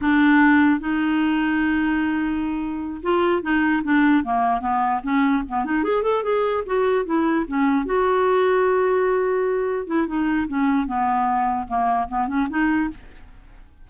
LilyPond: \new Staff \with { instrumentName = "clarinet" } { \time 4/4 \tempo 4 = 149 d'2 dis'2~ | dis'2.~ dis'8 f'8~ | f'8 dis'4 d'4 ais4 b8~ | b8 cis'4 b8 dis'8 gis'8 a'8 gis'8~ |
gis'8 fis'4 e'4 cis'4 fis'8~ | fis'1~ | fis'8 e'8 dis'4 cis'4 b4~ | b4 ais4 b8 cis'8 dis'4 | }